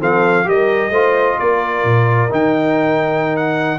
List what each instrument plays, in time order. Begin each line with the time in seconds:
0.00 tuba F3, trombone C4, horn A4, trumpet F5
0.45 tuba G3, trombone G4, horn A#4, trumpet D#5
0.90 tuba A3, trombone F4, horn C5
1.39 tuba A#3, horn A#4, trumpet D5
1.84 tuba A#2
2.30 tuba D#3, trombone D#4, trumpet G5
3.37 trumpet F#5